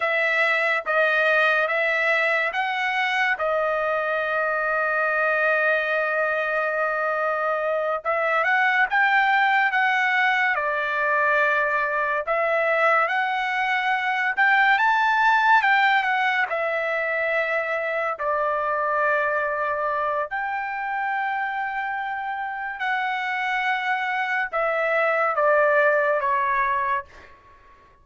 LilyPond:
\new Staff \with { instrumentName = "trumpet" } { \time 4/4 \tempo 4 = 71 e''4 dis''4 e''4 fis''4 | dis''1~ | dis''4. e''8 fis''8 g''4 fis''8~ | fis''8 d''2 e''4 fis''8~ |
fis''4 g''8 a''4 g''8 fis''8 e''8~ | e''4. d''2~ d''8 | g''2. fis''4~ | fis''4 e''4 d''4 cis''4 | }